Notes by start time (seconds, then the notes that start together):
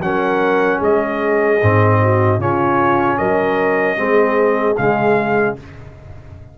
0.00 F#3 C#4 A#4 F#5
0.79 G#3 G#4 D#5
1.62 G#2 C4
2.02 F#4
2.39 C#3 C#4 F4 C#5
3.18 F#3 A#4 D#5
3.97 G#3 C4 G#4
4.77 C#3 G#3 F5